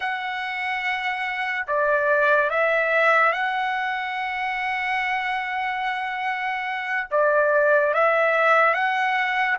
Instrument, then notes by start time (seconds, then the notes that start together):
trumpet
0.00 F#5
1.67 D5
2.50 E5
3.32 F#5
7.10 D5
7.94 E5
8.73 F#5